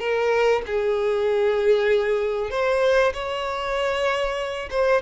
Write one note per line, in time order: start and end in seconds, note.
0.00 0.62 A#4
0.67 2.51 G#4
2.51 3.13 C5
3.14 4.70 C#5
4.71 5.02 C5